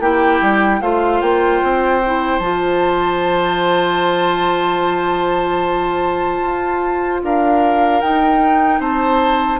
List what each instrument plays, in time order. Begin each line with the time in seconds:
0.00 bassoon A#3, clarinet E4, oboe G4, flute G5
0.42 bassoon G3
0.81 bassoon A3, clarinet F4, oboe C5, flute F5
1.21 bassoon A#3, flute G5
1.63 bassoon C4
2.06 clarinet E4
2.39 bassoon F3, clarinet F4, flute A5
6.43 bassoon F4
7.23 bassoon D4, oboe A#4, flute F5
8.01 bassoon D#4, clarinet D#4, flute G5
8.79 bassoon C4, oboe C5, flute A5